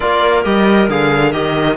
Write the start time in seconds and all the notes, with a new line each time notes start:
0.00 A#3 F4 A#4 D5
0.43 G3 G4 D#5
0.88 D3 G#4 F5
1.32 D#3 G4 D#5